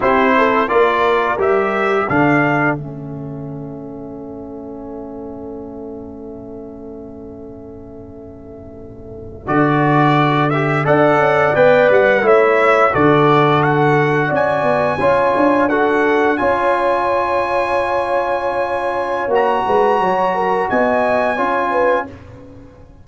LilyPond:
<<
  \new Staff \with { instrumentName = "trumpet" } { \time 4/4 \tempo 4 = 87 c''4 d''4 e''4 f''4 | e''1~ | e''1~ | e''4.~ e''16 d''4. e''8 fis''16~ |
fis''8. g''8 fis''8 e''4 d''4 fis''16~ | fis''8. gis''2 fis''4 gis''16~ | gis''1 | ais''2 gis''2 | }
  \new Staff \with { instrumentName = "horn" } { \time 4/4 g'8 a'8 ais'2 a'4~ | a'1~ | a'1~ | a'2.~ a'8. d''16~ |
d''4.~ d''16 cis''4 a'4~ a'16~ | a'8. d''4 cis''4 a'4 cis''16~ | cis''1~ | cis''8 b'8 cis''8 ais'8 dis''4 cis''8 b'8 | }
  \new Staff \with { instrumentName = "trombone" } { \time 4/4 e'4 f'4 g'4 d'4 | cis'1~ | cis'1~ | cis'4.~ cis'16 fis'4. g'8 a'16~ |
a'8. b'4 e'4 fis'4~ fis'16~ | fis'4.~ fis'16 f'4 fis'4 f'16~ | f'1 | fis'2. f'4 | }
  \new Staff \with { instrumentName = "tuba" } { \time 4/4 c'4 ais4 g4 d4 | a1~ | a1~ | a4.~ a16 d2 d'16~ |
d'16 cis'8 b8 g8 a4 d4~ d16~ | d8. cis'8 b8 cis'8 d'4. cis'16~ | cis'1 | ais8 gis8 fis4 b4 cis'4 | }
>>